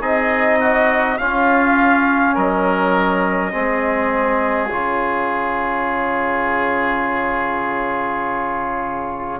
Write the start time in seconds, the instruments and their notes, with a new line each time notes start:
0.00 bassoon C4, trombone D#4, oboe G#4, trumpet D#5
0.60 oboe F#4
1.18 trombone C#4, bassoon C#4, oboe F4, trumpet F5
2.34 bassoon F#3, oboe A#4, trumpet D#5
3.51 bassoon G#3, trombone C4, oboe G#4
4.70 bassoon C#3, trombone F4, trumpet C#5